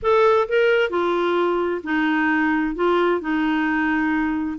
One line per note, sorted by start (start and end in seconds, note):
0.02 0.48 A4
0.48 0.90 A#4
0.90 1.81 F4
1.83 2.75 D#4
2.75 3.20 F4
3.20 4.58 D#4